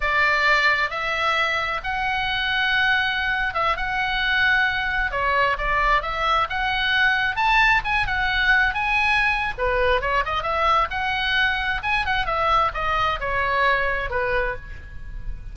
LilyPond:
\new Staff \with { instrumentName = "oboe" } { \time 4/4 \tempo 4 = 132 d''2 e''2 | fis''2.~ fis''8. e''16~ | e''16 fis''2. cis''8.~ | cis''16 d''4 e''4 fis''4.~ fis''16~ |
fis''16 a''4 gis''8 fis''4. gis''8.~ | gis''4 b'4 cis''8 dis''8 e''4 | fis''2 gis''8 fis''8 e''4 | dis''4 cis''2 b'4 | }